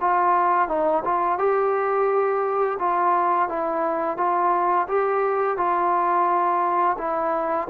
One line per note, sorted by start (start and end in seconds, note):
0.00 0.68 F4
0.68 1.03 D#4
1.04 1.38 F4
1.38 2.77 G4
2.79 3.49 F4
3.49 4.17 E4
4.17 4.87 F4
4.88 5.57 G4
5.57 6.96 F4
6.98 7.67 E4